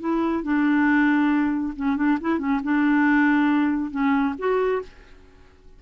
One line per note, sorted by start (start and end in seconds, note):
0.00 0.43 E4
0.43 1.73 D4
1.76 1.96 C#4
1.96 2.18 D4
2.21 2.39 E4
2.39 2.60 C#4
2.63 3.91 D4
3.91 4.34 C#4
4.38 4.82 F#4